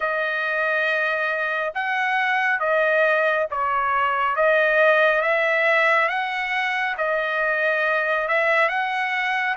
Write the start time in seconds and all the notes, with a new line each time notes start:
0.00 D#5
1.74 F#5
2.59 D#5
3.50 C#5
4.36 D#5
5.21 E5
6.08 F#5
6.97 D#5
8.28 E5
8.68 F#5